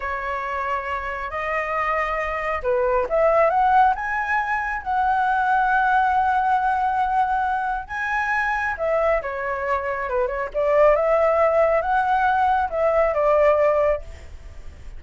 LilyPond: \new Staff \with { instrumentName = "flute" } { \time 4/4 \tempo 4 = 137 cis''2. dis''4~ | dis''2 b'4 e''4 | fis''4 gis''2 fis''4~ | fis''1~ |
fis''2 gis''2 | e''4 cis''2 b'8 cis''8 | d''4 e''2 fis''4~ | fis''4 e''4 d''2 | }